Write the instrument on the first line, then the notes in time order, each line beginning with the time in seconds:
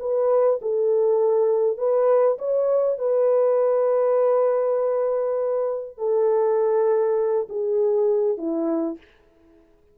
horn
0.00 B4
0.62 A4
1.78 B4
2.39 C#5
2.99 B4
5.98 A4
7.49 G#4
8.38 E4